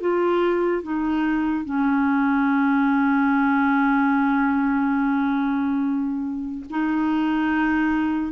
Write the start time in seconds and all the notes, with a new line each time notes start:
0.00 F4
0.83 D#4
1.65 C#4
6.70 D#4